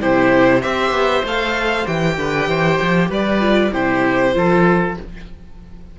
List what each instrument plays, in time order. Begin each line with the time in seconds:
0.00 cello C3, viola E4, oboe G4, violin C5
0.61 cello C4, viola G4, oboe C5, violin E5
0.91 cello B3
1.24 cello A3, viola A4, violin F5
1.86 cello E3, viola G4, violin G5
2.17 cello D3, oboe B4
2.47 cello E3, oboe C5
2.82 cello F3
3.10 cello G3, oboe B4, violin D5
3.40 viola F4
3.72 cello C3, viola E4, oboe G4, violin C5
4.33 cello F3, viola F4, oboe A4